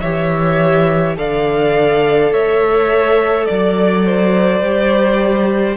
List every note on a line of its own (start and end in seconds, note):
0.00 1.17 E3
0.00 1.17 G4
0.00 1.17 C#5
0.00 1.15 E5
1.17 2.32 D3
1.17 4.63 A4
1.17 2.33 D5
1.17 2.33 F5
2.32 3.47 A3
2.32 3.48 C#5
2.32 3.45 E5
3.45 4.61 F#3
3.45 5.76 D5
3.45 4.06 D5
4.06 5.77 C5
4.61 5.76 G3
4.61 5.77 G4